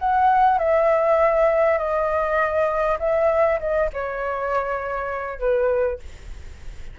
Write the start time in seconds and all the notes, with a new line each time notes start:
0.00 F#5
0.59 E5
1.78 D#5
3.00 E5
3.60 D#5
3.94 C#5
5.40 B4